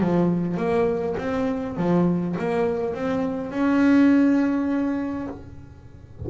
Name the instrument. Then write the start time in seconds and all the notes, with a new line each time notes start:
double bass
0.00 F3
0.57 A#3
1.18 C4
1.76 F3
2.38 A#3
2.94 C4
3.51 C#4